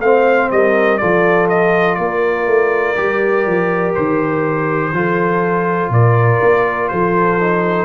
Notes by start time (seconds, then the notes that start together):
0.00 A3 C4 C5 F5
0.51 G3 A#4 D#5
0.98 F3 F4 A4 D5
1.49 D#5
1.95 A#3 A#4 D5
2.47 A3
2.95 G3 G4
3.46 F3
3.95 D#3 C5
4.92 F3 F4 A4
5.90 A#2 A#4 D5
6.41 A#3
6.89 F3 A4 C5
7.40 D#4